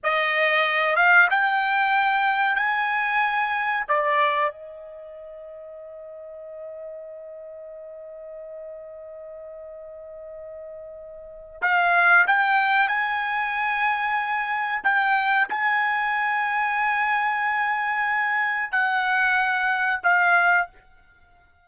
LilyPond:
\new Staff \with { instrumentName = "trumpet" } { \time 4/4 \tempo 4 = 93 dis''4. f''8 g''2 | gis''2 d''4 dis''4~ | dis''1~ | dis''1~ |
dis''2 f''4 g''4 | gis''2. g''4 | gis''1~ | gis''4 fis''2 f''4 | }